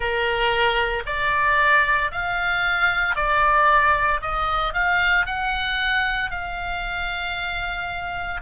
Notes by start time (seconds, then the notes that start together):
0.00 A#4
1.05 D5
2.11 F5
3.15 D5
4.21 D#5
4.73 F5
5.25 F#5
6.30 F5